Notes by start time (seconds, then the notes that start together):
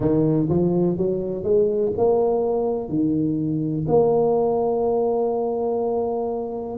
0.00 D#3
0.49 F3
0.97 F#3
1.43 G#3
1.97 A#3
2.89 D#3
3.88 A#3